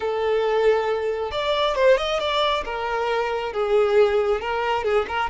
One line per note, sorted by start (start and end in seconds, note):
0.00 1.31 A4
1.31 1.75 D5
1.75 1.97 C5
1.97 2.19 D#5
2.19 2.64 D5
2.65 3.52 A#4
3.52 4.40 G#4
4.40 4.83 A#4
4.83 5.06 G#4
5.08 5.30 A#4